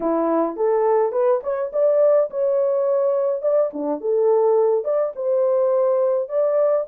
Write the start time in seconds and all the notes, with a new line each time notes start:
0.00 E4
0.56 A4
1.12 B4
1.43 C#5
1.72 D5
2.30 C#5
3.42 D5
3.73 D4
4.01 A4
4.84 D5
5.15 C5
6.28 D5